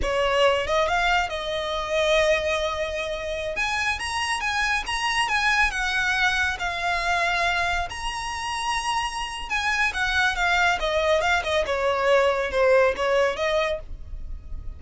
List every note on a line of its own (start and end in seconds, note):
0.02 0.66 C#5
0.66 0.88 D#5
0.88 1.29 F5
1.29 3.56 D#5
3.56 3.99 G#5
3.99 4.40 A#5
4.40 4.83 G#5
4.86 5.28 A#5
5.28 5.71 G#5
5.71 6.57 F#5
6.59 7.88 F5
7.89 9.49 A#5
9.49 9.92 G#5
9.93 10.35 F#5
10.35 10.79 F5
10.79 11.21 D#5
11.21 11.43 F5
11.43 11.65 D#5
11.66 12.51 C#5
12.51 12.94 C5
12.96 13.36 C#5
13.36 13.79 D#5